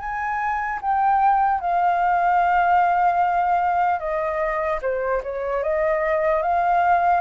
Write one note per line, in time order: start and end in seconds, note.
0.00 0.80 G#5
0.82 1.61 G5
1.61 4.00 F5
4.00 4.80 D#5
4.82 5.22 C5
5.24 5.63 C#5
5.63 6.43 D#5
6.43 7.21 F5